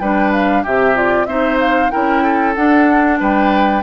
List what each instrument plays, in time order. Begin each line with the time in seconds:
0.00 bassoon G3, clarinet D4, oboe B4, flute G5
0.33 flute F5
0.63 bassoon C3, oboe G4, clarinet G4, flute E5
0.95 clarinet F4, flute D5
1.26 bassoon C4, clarinet D#4, oboe C5, flute E5
1.61 flute F5
1.91 bassoon C#4, clarinet E4, oboe A#4, flute G5
2.24 oboe A4
2.55 clarinet D4, bassoon D4, flute F#5
3.20 bassoon G3, oboe B4, flute G5